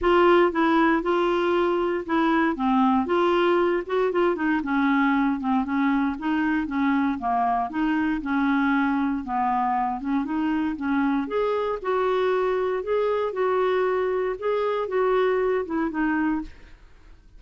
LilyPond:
\new Staff \with { instrumentName = "clarinet" } { \time 4/4 \tempo 4 = 117 f'4 e'4 f'2 | e'4 c'4 f'4. fis'8 | f'8 dis'8 cis'4. c'8 cis'4 | dis'4 cis'4 ais4 dis'4 |
cis'2 b4. cis'8 | dis'4 cis'4 gis'4 fis'4~ | fis'4 gis'4 fis'2 | gis'4 fis'4. e'8 dis'4 | }